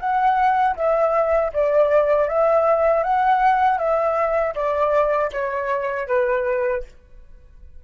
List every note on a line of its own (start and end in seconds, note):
0.00 0.76 F#5
0.76 1.52 E5
1.53 2.29 D5
2.29 3.04 E5
3.04 3.79 F#5
3.79 4.55 E5
4.55 5.31 D5
5.32 6.08 C#5
6.08 6.84 B4